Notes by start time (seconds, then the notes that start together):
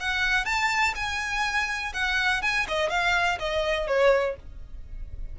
0.00 F#5
0.45 A5
0.96 G#5
1.94 F#5
2.42 G#5
2.68 D#5
2.90 F5
3.39 D#5
3.87 C#5